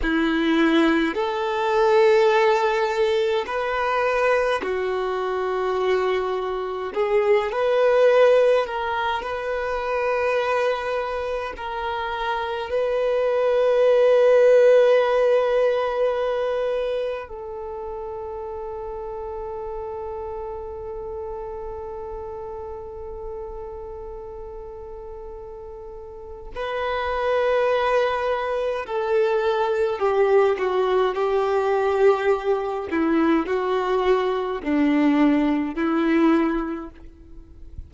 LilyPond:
\new Staff \with { instrumentName = "violin" } { \time 4/4 \tempo 4 = 52 e'4 a'2 b'4 | fis'2 gis'8 b'4 ais'8 | b'2 ais'4 b'4~ | b'2. a'4~ |
a'1~ | a'2. b'4~ | b'4 a'4 g'8 fis'8 g'4~ | g'8 e'8 fis'4 d'4 e'4 | }